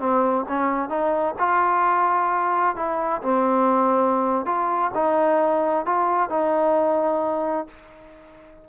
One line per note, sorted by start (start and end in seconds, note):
0.00 0.46 C4
0.49 0.89 C#4
0.89 1.35 D#4
1.39 2.76 F4
2.76 3.22 E4
3.22 4.46 C4
4.46 4.92 F4
4.95 5.86 D#4
5.86 6.30 F4
6.30 7.67 D#4